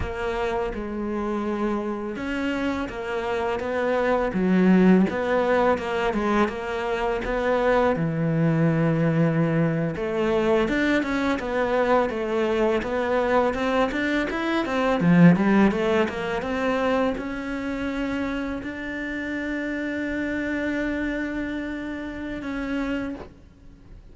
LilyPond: \new Staff \with { instrumentName = "cello" } { \time 4/4 \tempo 4 = 83 ais4 gis2 cis'4 | ais4 b4 fis4 b4 | ais8 gis8 ais4 b4 e4~ | e4.~ e16 a4 d'8 cis'8 b16~ |
b8. a4 b4 c'8 d'8 e'16~ | e'16 c'8 f8 g8 a8 ais8 c'4 cis'16~ | cis'4.~ cis'16 d'2~ d'16~ | d'2. cis'4 | }